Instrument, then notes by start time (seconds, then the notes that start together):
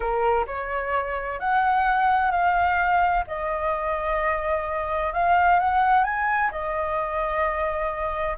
flute
0.00 A#4
0.47 C#5
1.39 F#5
2.31 F5
3.27 D#5
5.13 F5
5.59 F#5
6.03 G#5
6.51 D#5